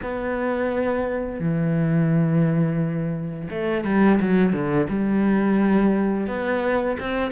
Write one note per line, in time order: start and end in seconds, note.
0.02 1.39 B3
1.39 3.49 E3
3.50 3.84 A3
3.84 4.19 G3
4.20 4.52 F#3
4.52 4.87 D3
4.89 6.27 G3
6.27 6.97 B3
6.99 7.31 C4